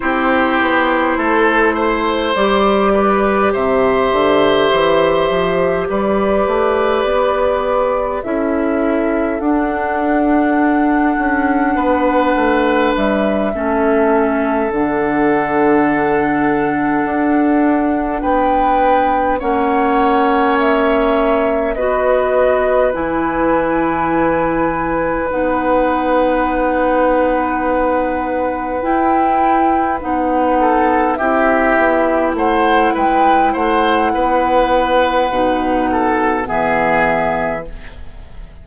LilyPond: <<
  \new Staff \with { instrumentName = "flute" } { \time 4/4 \tempo 4 = 51 c''2 d''4 e''4~ | e''4 d''2 e''4 | fis''2. e''4~ | e''8 fis''2. g''8~ |
g''8 fis''4 e''4 dis''4 gis''8~ | gis''4. fis''2~ fis''8~ | fis''8 g''4 fis''4 e''4 fis''8 | g''8 fis''2~ fis''8 e''4 | }
  \new Staff \with { instrumentName = "oboe" } { \time 4/4 g'4 a'8 c''4 b'8 c''4~ | c''4 b'2 a'4~ | a'2 b'4. a'8~ | a'2.~ a'8 b'8~ |
b'8 cis''2 b'4.~ | b'1~ | b'2 a'8 g'4 c''8 | b'8 c''8 b'4. a'8 gis'4 | }
  \new Staff \with { instrumentName = "clarinet" } { \time 4/4 e'2 g'2~ | g'2. e'4 | d'2.~ d'8 cis'8~ | cis'8 d'2.~ d'8~ |
d'8 cis'2 fis'4 e'8~ | e'4. dis'2~ dis'8~ | dis'8 e'4 dis'4 e'4.~ | e'2 dis'4 b4 | }
  \new Staff \with { instrumentName = "bassoon" } { \time 4/4 c'8 b8 a4 g4 c8 d8 | e8 f8 g8 a8 b4 cis'4 | d'4. cis'8 b8 a8 g8 a8~ | a8 d2 d'4 b8~ |
b8 ais2 b4 e8~ | e4. b2~ b8~ | b8 e'4 b4 c'8 b8 a8 | gis8 a8 b4 b,4 e4 | }
>>